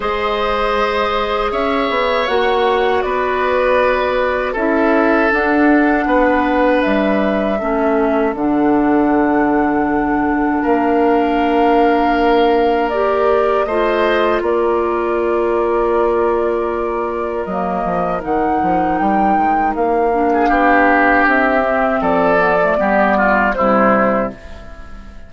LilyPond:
<<
  \new Staff \with { instrumentName = "flute" } { \time 4/4 \tempo 4 = 79 dis''2 e''4 fis''4 | d''2 e''4 fis''4~ | fis''4 e''2 fis''4~ | fis''2 f''2~ |
f''4 d''4 dis''4 d''4~ | d''2. dis''4 | fis''4 g''4 f''2 | e''4 d''2 c''4 | }
  \new Staff \with { instrumentName = "oboe" } { \time 4/4 c''2 cis''2 | b'2 a'2 | b'2 a'2~ | a'2 ais'2~ |
ais'2 c''4 ais'4~ | ais'1~ | ais'2~ ais'8. gis'16 g'4~ | g'4 a'4 g'8 f'8 e'4 | }
  \new Staff \with { instrumentName = "clarinet" } { \time 4/4 gis'2. fis'4~ | fis'2 e'4 d'4~ | d'2 cis'4 d'4~ | d'1~ |
d'4 g'4 f'2~ | f'2. ais4 | dis'2~ dis'8 d'4.~ | d'8 c'4 b16 a16 b4 g4 | }
  \new Staff \with { instrumentName = "bassoon" } { \time 4/4 gis2 cis'8 b8 ais4 | b2 cis'4 d'4 | b4 g4 a4 d4~ | d2 ais2~ |
ais2 a4 ais4~ | ais2. fis8 f8 | dis8 f8 g8 gis8 ais4 b4 | c'4 f4 g4 c4 | }
>>